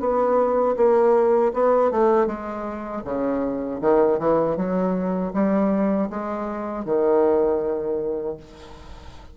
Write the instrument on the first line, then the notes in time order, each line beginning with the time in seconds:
bassoon
0.00 B3
0.77 A#3
1.54 B3
1.91 A3
2.26 G#3
3.04 C#3
3.81 D#3
4.19 E3
4.56 F#3
5.33 G3
6.10 G#3
6.85 D#3